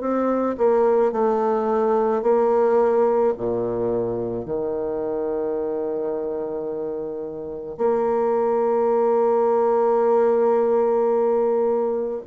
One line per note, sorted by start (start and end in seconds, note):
0.00 0.56 C4
0.57 1.12 A#3
1.12 2.22 A3
2.22 3.33 A#3
3.37 4.45 A#2
4.45 7.77 D#3
7.77 12.21 A#3